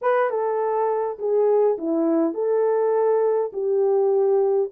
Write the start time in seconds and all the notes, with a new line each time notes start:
0.01 B4
0.29 A4
1.18 G#4
1.78 E4
2.34 A4
3.52 G4